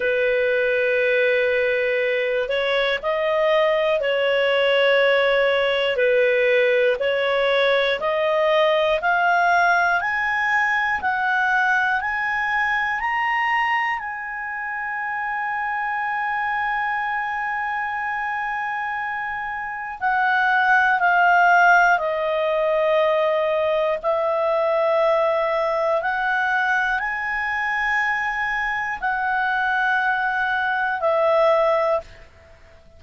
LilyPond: \new Staff \with { instrumentName = "clarinet" } { \time 4/4 \tempo 4 = 60 b'2~ b'8 cis''8 dis''4 | cis''2 b'4 cis''4 | dis''4 f''4 gis''4 fis''4 | gis''4 ais''4 gis''2~ |
gis''1 | fis''4 f''4 dis''2 | e''2 fis''4 gis''4~ | gis''4 fis''2 e''4 | }